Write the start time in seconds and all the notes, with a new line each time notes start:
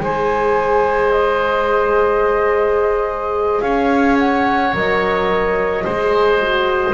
0.00 G#3 G#4 C5 G#5
1.12 D#5
3.62 C#4 C#5 F5
4.19 F#5
4.74 F#3 A#4 D#5
5.85 G#3 G#4 C5
6.41 F#4